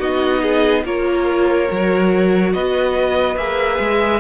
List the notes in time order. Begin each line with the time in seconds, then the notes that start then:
0.00 B3 D#4 F#4 D#5
0.42 G#4
0.84 A#3 F4 A#4 C#5
1.67 F#3 F#4
2.53 B3 B4 D#5
3.37 A#3 G#4 E5
3.80 G#3